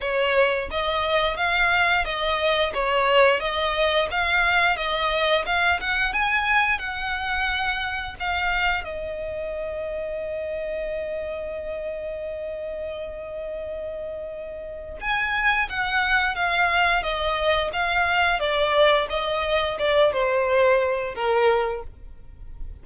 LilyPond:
\new Staff \with { instrumentName = "violin" } { \time 4/4 \tempo 4 = 88 cis''4 dis''4 f''4 dis''4 | cis''4 dis''4 f''4 dis''4 | f''8 fis''8 gis''4 fis''2 | f''4 dis''2.~ |
dis''1~ | dis''2 gis''4 fis''4 | f''4 dis''4 f''4 d''4 | dis''4 d''8 c''4. ais'4 | }